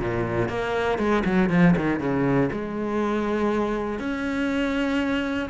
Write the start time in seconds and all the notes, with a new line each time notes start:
0.00 A#2
0.49 A#3
0.98 G#3
1.25 F#3
1.50 F3
1.77 D#3
2.00 C#3
2.52 G#3
3.99 C#4